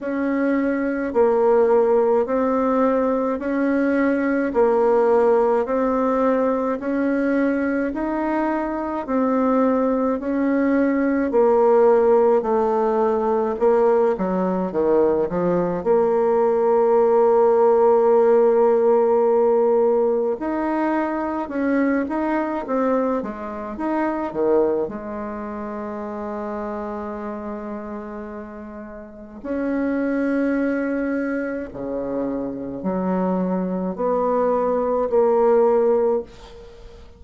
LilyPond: \new Staff \with { instrumentName = "bassoon" } { \time 4/4 \tempo 4 = 53 cis'4 ais4 c'4 cis'4 | ais4 c'4 cis'4 dis'4 | c'4 cis'4 ais4 a4 | ais8 fis8 dis8 f8 ais2~ |
ais2 dis'4 cis'8 dis'8 | c'8 gis8 dis'8 dis8 gis2~ | gis2 cis'2 | cis4 fis4 b4 ais4 | }